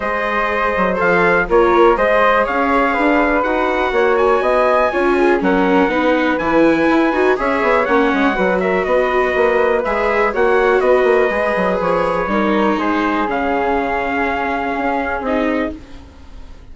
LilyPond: <<
  \new Staff \with { instrumentName = "trumpet" } { \time 4/4 \tempo 4 = 122 dis''2 f''4 cis''4 | dis''4 f''2 fis''4~ | fis''8 gis''2~ gis''8 fis''4~ | fis''4 gis''2 e''4 |
fis''4. e''8 dis''2 | e''4 fis''4 dis''2 | cis''2 c''4 f''4~ | f''2. dis''4 | }
  \new Staff \with { instrumentName = "flute" } { \time 4/4 c''2. ais'4 | c''4 cis''4 b'2 | cis''4 dis''4 cis''8 gis'8 ais'4 | b'2. cis''4~ |
cis''4 b'8 ais'8 b'2~ | b'4 cis''4 b'2~ | b'4 ais'4 gis'2~ | gis'1 | }
  \new Staff \with { instrumentName = "viola" } { \time 4/4 gis'2 a'4 f'4 | gis'2. fis'4~ | fis'2 f'4 cis'4 | dis'4 e'4. fis'8 gis'4 |
cis'4 fis'2. | gis'4 fis'2 gis'4~ | gis'4 dis'2 cis'4~ | cis'2. dis'4 | }
  \new Staff \with { instrumentName = "bassoon" } { \time 4/4 gis4. fis8 f4 ais4 | gis4 cis'4 d'4 dis'4 | ais4 b4 cis'4 fis4 | b4 e4 e'8 dis'8 cis'8 b8 |
ais8 gis8 fis4 b4 ais4 | gis4 ais4 b8 ais8 gis8 fis8 | f4 g4 gis4 cis4~ | cis2 cis'4 c'4 | }
>>